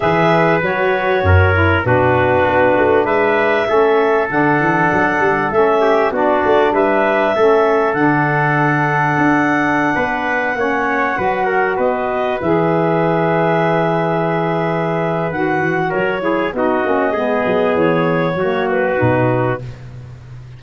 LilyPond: <<
  \new Staff \with { instrumentName = "clarinet" } { \time 4/4 \tempo 4 = 98 e''4 cis''2 b'4~ | b'4 e''2 fis''4~ | fis''4 e''4 d''4 e''4~ | e''4 fis''2.~ |
fis''2.~ fis''16 dis''8.~ | dis''16 e''2.~ e''8.~ | e''4 fis''4 cis''4 dis''4~ | dis''4 cis''4. b'4. | }
  \new Staff \with { instrumentName = "trumpet" } { \time 4/4 b'2 ais'4 fis'4~ | fis'4 b'4 a'2~ | a'4. g'8 fis'4 b'4 | a'1~ |
a'16 b'4 cis''4 b'8 ais'8 b'8.~ | b'1~ | b'2 ais'8 gis'8 fis'4 | gis'2 fis'2 | }
  \new Staff \with { instrumentName = "saxophone" } { \time 4/4 gis'4 fis'4. e'8 d'4~ | d'2 cis'4 d'4~ | d'4 cis'4 d'2 | cis'4 d'2.~ |
d'4~ d'16 cis'4 fis'4.~ fis'16~ | fis'16 gis'2.~ gis'8.~ | gis'4 fis'4. e'8 dis'8 cis'8 | b2 ais4 dis'4 | }
  \new Staff \with { instrumentName = "tuba" } { \time 4/4 e4 fis4 fis,4 b,4 | b8 a8 gis4 a4 d8 e8 | fis8 g8 a4 b8 a8 g4 | a4 d2 d'4~ |
d'16 b4 ais4 fis4 b8.~ | b16 e2.~ e8.~ | e4 dis8 e8 fis4 b8 ais8 | gis8 fis8 e4 fis4 b,4 | }
>>